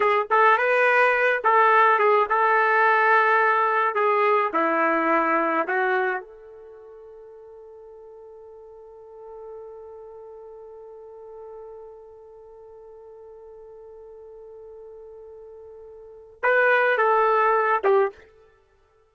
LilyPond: \new Staff \with { instrumentName = "trumpet" } { \time 4/4 \tempo 4 = 106 gis'8 a'8 b'4. a'4 gis'8 | a'2. gis'4 | e'2 fis'4 a'4~ | a'1~ |
a'1~ | a'1~ | a'1~ | a'4 b'4 a'4. g'8 | }